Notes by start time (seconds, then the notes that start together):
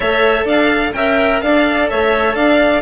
0.00 A3 A4 C#5 E5
0.45 D4 D5 F5
0.93 C#4 A#4 E5 G5
1.41 D4 A4 D5 F5
1.90 A3 C#5 E5
2.34 D4 D5 F5